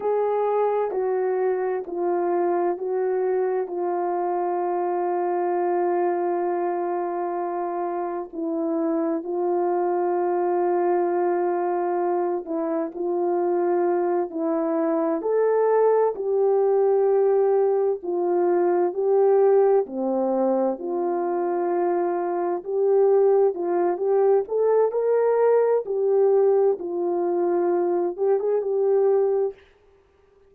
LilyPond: \new Staff \with { instrumentName = "horn" } { \time 4/4 \tempo 4 = 65 gis'4 fis'4 f'4 fis'4 | f'1~ | f'4 e'4 f'2~ | f'4. e'8 f'4. e'8~ |
e'8 a'4 g'2 f'8~ | f'8 g'4 c'4 f'4.~ | f'8 g'4 f'8 g'8 a'8 ais'4 | g'4 f'4. g'16 gis'16 g'4 | }